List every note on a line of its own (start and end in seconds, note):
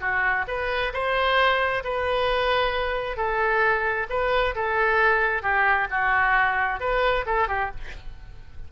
0.00 0.45 F#4
0.47 0.92 B4
0.93 1.83 C5
1.84 3.16 B4
3.16 4.07 A4
4.09 4.55 B4
4.55 5.42 A4
5.42 5.87 G4
5.90 6.80 F#4
6.80 7.25 B4
7.26 7.48 A4
7.48 7.71 G4